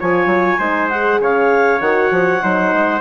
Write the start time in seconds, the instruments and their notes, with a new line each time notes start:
0.00 bassoon F3, horn F4, trumpet C#5, clarinet G#5
0.27 bassoon F#3
0.59 bassoon G#3, horn D#4, trumpet C5
0.90 horn G#4, clarinet F#5
1.20 bassoon C#3, trumpet C#5, clarinet F5
1.81 bassoon D#3, horn F#4, clarinet F#5
2.11 bassoon F3
2.41 bassoon F#3, horn D#4, trumpet C5
2.74 bassoon G#3